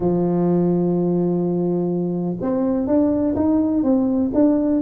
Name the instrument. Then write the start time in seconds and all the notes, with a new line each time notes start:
tuba
0.00 F3
2.41 C4
2.87 D4
3.35 D#4
3.83 C4
4.33 D4